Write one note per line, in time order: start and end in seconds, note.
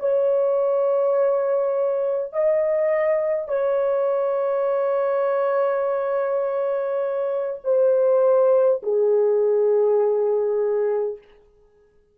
0.00 2.33 C#5
2.33 3.49 D#5
3.49 7.60 C#5
7.65 8.82 C5
8.83 11.19 G#4